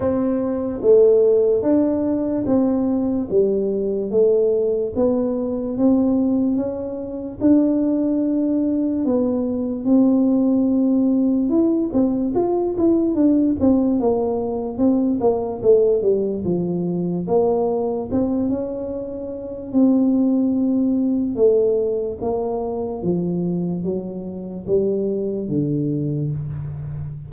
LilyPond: \new Staff \with { instrumentName = "tuba" } { \time 4/4 \tempo 4 = 73 c'4 a4 d'4 c'4 | g4 a4 b4 c'4 | cis'4 d'2 b4 | c'2 e'8 c'8 f'8 e'8 |
d'8 c'8 ais4 c'8 ais8 a8 g8 | f4 ais4 c'8 cis'4. | c'2 a4 ais4 | f4 fis4 g4 d4 | }